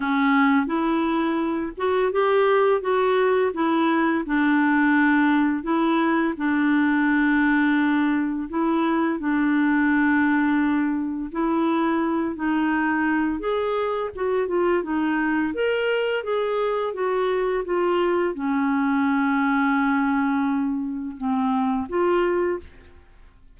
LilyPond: \new Staff \with { instrumentName = "clarinet" } { \time 4/4 \tempo 4 = 85 cis'4 e'4. fis'8 g'4 | fis'4 e'4 d'2 | e'4 d'2. | e'4 d'2. |
e'4. dis'4. gis'4 | fis'8 f'8 dis'4 ais'4 gis'4 | fis'4 f'4 cis'2~ | cis'2 c'4 f'4 | }